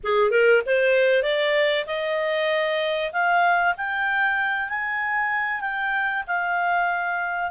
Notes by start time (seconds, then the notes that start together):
0.03 G#4
0.30 A#4
0.66 C5
1.22 D5
1.86 D#5
3.12 F5
3.77 G5
4.69 G#5
5.61 G5
6.27 F5